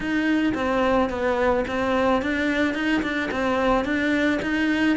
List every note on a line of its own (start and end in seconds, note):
0.00 0.53 D#4
0.54 1.09 C4
1.09 1.64 B3
1.67 2.22 C4
2.22 2.74 D4
2.74 3.02 D#4
3.02 3.29 D4
3.31 3.84 C4
3.84 4.39 D4
4.42 4.96 D#4